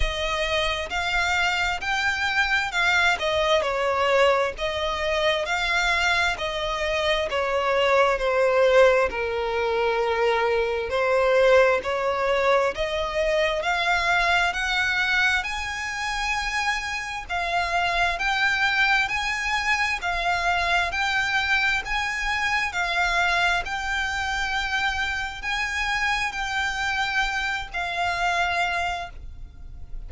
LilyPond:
\new Staff \with { instrumentName = "violin" } { \time 4/4 \tempo 4 = 66 dis''4 f''4 g''4 f''8 dis''8 | cis''4 dis''4 f''4 dis''4 | cis''4 c''4 ais'2 | c''4 cis''4 dis''4 f''4 |
fis''4 gis''2 f''4 | g''4 gis''4 f''4 g''4 | gis''4 f''4 g''2 | gis''4 g''4. f''4. | }